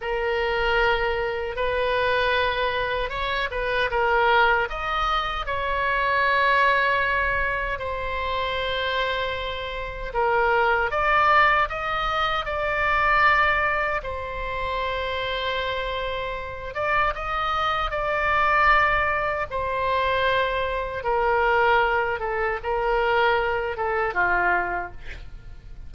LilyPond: \new Staff \with { instrumentName = "oboe" } { \time 4/4 \tempo 4 = 77 ais'2 b'2 | cis''8 b'8 ais'4 dis''4 cis''4~ | cis''2 c''2~ | c''4 ais'4 d''4 dis''4 |
d''2 c''2~ | c''4. d''8 dis''4 d''4~ | d''4 c''2 ais'4~ | ais'8 a'8 ais'4. a'8 f'4 | }